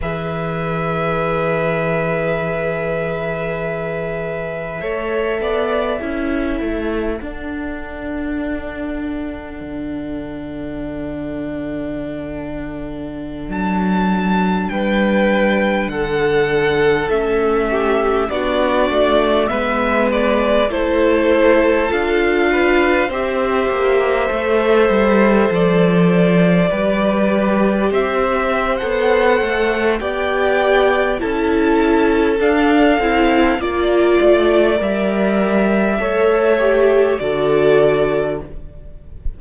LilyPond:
<<
  \new Staff \with { instrumentName = "violin" } { \time 4/4 \tempo 4 = 50 e''1~ | e''2 fis''2~ | fis''2.~ fis''16 a''8.~ | a''16 g''4 fis''4 e''4 d''8.~ |
d''16 e''8 d''8 c''4 f''4 e''8.~ | e''4~ e''16 d''2 e''8. | fis''4 g''4 a''4 f''4 | d''4 e''2 d''4 | }
  \new Staff \with { instrumentName = "violin" } { \time 4/4 b'1 | cis''8 d''8 a'2.~ | a'1~ | a'16 b'4 a'4. g'8 fis'8.~ |
fis'16 b'4 a'4. b'8 c''8.~ | c''2~ c''16 b'4 c''8.~ | c''4 d''4 a'2 | d''2 cis''4 a'4 | }
  \new Staff \with { instrumentName = "viola" } { \time 4/4 gis'1 | a'4 e'4 d'2~ | d'1~ | d'2~ d'16 cis'4 d'8.~ |
d'16 b4 e'4 f'4 g'8.~ | g'16 a'2 g'4.~ g'16 | a'4 g'4 e'4 d'8 e'8 | f'4 ais'4 a'8 g'8 fis'4 | }
  \new Staff \with { instrumentName = "cello" } { \time 4/4 e1 | a8 b8 cis'8 a8 d'2 | d2.~ d16 fis8.~ | fis16 g4 d4 a4 b8 a16~ |
a16 gis4 a4 d'4 c'8 ais16~ | ais16 a8 g8 f4 g4 c'8. | b8 a8 b4 cis'4 d'8 c'8 | ais8 a8 g4 a4 d4 | }
>>